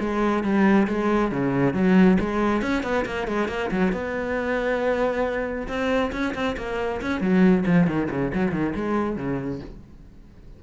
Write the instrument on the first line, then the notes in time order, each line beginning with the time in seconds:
cello
0.00 G#3
0.43 G3
0.88 G#3
1.31 C#3
1.74 F#3
2.20 G#3
2.62 C#4
2.83 B3
3.05 A#3
3.27 G#3
3.48 A#3
3.71 F#3
3.92 B3
5.68 C4
6.12 C#4
6.34 C4
6.57 A#3
7.01 C#4
7.21 F#3
7.66 F3
7.87 D#3
8.11 C#3
8.34 F#3
8.52 D#3
8.75 G#3
9.17 C#3